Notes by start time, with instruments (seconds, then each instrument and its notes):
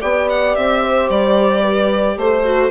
0.00 bassoon B3, viola G4, horn D5, violin G5
0.29 violin F#5
0.55 bassoon C4, violin E5
0.82 horn C5
1.09 bassoon G3, violin D5
1.62 horn B4
2.17 bassoon A3, horn A4, violin C5
2.44 viola F#4